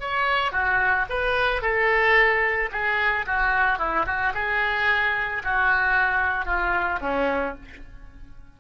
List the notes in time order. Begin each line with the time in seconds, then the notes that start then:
0.00 C#5
0.52 F#4
1.09 B4
1.61 A4
2.72 G#4
3.26 F#4
3.79 E4
4.06 F#4
4.34 G#4
5.43 F#4
6.45 F4
7.01 C#4